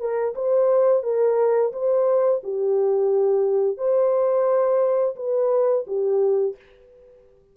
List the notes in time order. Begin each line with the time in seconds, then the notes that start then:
0.00 A#4
0.35 C5
1.03 A#4
1.73 C5
2.44 G4
3.78 C5
5.16 B4
5.87 G4